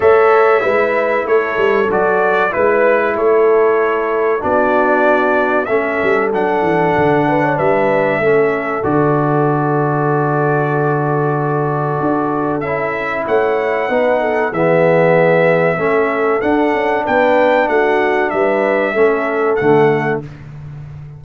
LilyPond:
<<
  \new Staff \with { instrumentName = "trumpet" } { \time 4/4 \tempo 4 = 95 e''2 cis''4 d''4 | b'4 cis''2 d''4~ | d''4 e''4 fis''2 | e''2 d''2~ |
d''1 | e''4 fis''2 e''4~ | e''2 fis''4 g''4 | fis''4 e''2 fis''4 | }
  \new Staff \with { instrumentName = "horn" } { \time 4/4 cis''4 b'4 a'2 | b'4 a'2 fis'4~ | fis'4 a'2~ a'8 b'16 cis''16 | b'4 a'2.~ |
a'1~ | a'4 cis''4 b'8 a'8 gis'4~ | gis'4 a'2 b'4 | fis'4 b'4 a'2 | }
  \new Staff \with { instrumentName = "trombone" } { \time 4/4 a'4 e'2 fis'4 | e'2. d'4~ | d'4 cis'4 d'2~ | d'4 cis'4 fis'2~ |
fis'1 | e'2 dis'4 b4~ | b4 cis'4 d'2~ | d'2 cis'4 a4 | }
  \new Staff \with { instrumentName = "tuba" } { \time 4/4 a4 gis4 a8 g8 fis4 | gis4 a2 b4~ | b4 a8 g8 fis8 e8 d4 | g4 a4 d2~ |
d2. d'4 | cis'4 a4 b4 e4~ | e4 a4 d'8 cis'8 b4 | a4 g4 a4 d4 | }
>>